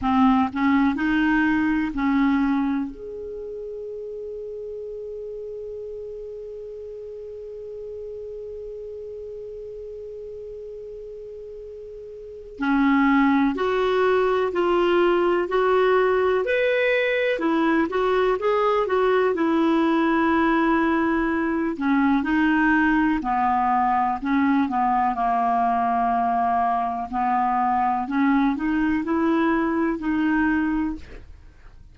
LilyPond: \new Staff \with { instrumentName = "clarinet" } { \time 4/4 \tempo 4 = 62 c'8 cis'8 dis'4 cis'4 gis'4~ | gis'1~ | gis'1~ | gis'4 cis'4 fis'4 f'4 |
fis'4 b'4 e'8 fis'8 gis'8 fis'8 | e'2~ e'8 cis'8 dis'4 | b4 cis'8 b8 ais2 | b4 cis'8 dis'8 e'4 dis'4 | }